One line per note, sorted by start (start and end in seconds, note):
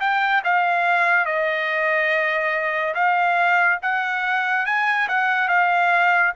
0.00 0.42 G5
0.44 1.25 F5
1.25 2.94 D#5
2.94 3.79 F5
3.82 4.66 F#5
4.66 5.08 G#5
5.08 5.48 F#5
5.48 6.33 F5